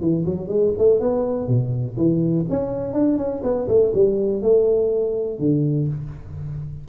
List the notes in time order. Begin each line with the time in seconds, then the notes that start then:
0.00 E3
0.25 F#3
0.48 G#3
0.78 A3
1.00 B3
1.47 B2
1.96 E3
2.49 C#4
2.93 D4
3.17 C#4
3.43 B3
3.68 A3
3.94 G3
4.42 A3
5.39 D3